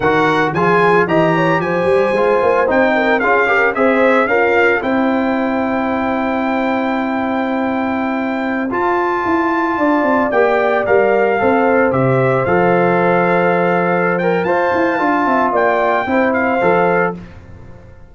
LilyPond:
<<
  \new Staff \with { instrumentName = "trumpet" } { \time 4/4 \tempo 4 = 112 fis''4 gis''4 ais''4 gis''4~ | gis''4 g''4 f''4 e''4 | f''4 g''2.~ | g''1~ |
g''16 a''2. g''8.~ | g''16 f''2 e''4 f''8.~ | f''2~ f''8 g''8 a''4~ | a''4 g''4. f''4. | }
  \new Staff \with { instrumentName = "horn" } { \time 4/4 ais'4 gis'4 dis''8 cis''8 c''4~ | c''4. ais'8 gis'8 ais'8 c''4 | f'4 c''2.~ | c''1~ |
c''2~ c''16 d''4.~ d''16~ | d''4~ d''16 c''2~ c''8.~ | c''2. f''4~ | f''8 e''8 d''4 c''2 | }
  \new Staff \with { instrumentName = "trombone" } { \time 4/4 fis'4 f'4 g'2 | f'4 dis'4 f'8 g'8 gis'4 | ais'4 e'2.~ | e'1~ |
e'16 f'2. g'8.~ | g'16 ais'4 a'4 g'4 a'8.~ | a'2~ a'8 ais'8 c''4 | f'2 e'4 a'4 | }
  \new Staff \with { instrumentName = "tuba" } { \time 4/4 dis4 f4 e4 f8 g8 | gis8 ais8 c'4 cis'4 c'4 | cis'4 c'2.~ | c'1~ |
c'16 f'4 e'4 d'8 c'8 ais8.~ | ais16 g4 c'4 c4 f8.~ | f2. f'8 e'8 | d'8 c'8 ais4 c'4 f4 | }
>>